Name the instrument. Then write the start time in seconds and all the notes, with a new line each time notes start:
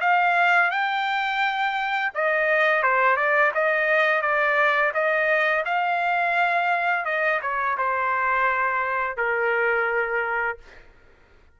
trumpet
0.00 F5
0.71 G5
2.14 D#5
2.82 C5
3.16 D5
3.54 D#5
4.21 D5
4.93 D#5
5.65 F5
7.05 D#5
7.41 C#5
7.77 C5
9.16 A#4